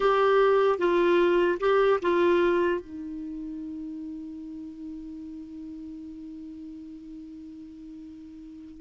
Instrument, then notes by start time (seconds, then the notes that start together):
clarinet
0.00 G4
0.78 F4
1.60 G4
2.01 F4
2.80 D#4